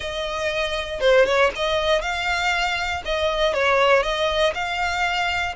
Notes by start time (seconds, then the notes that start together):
0.00 D#5
1.00 C5
1.25 C#5
1.55 D#5
2.01 F5
3.05 D#5
3.53 C#5
4.02 D#5
4.54 F5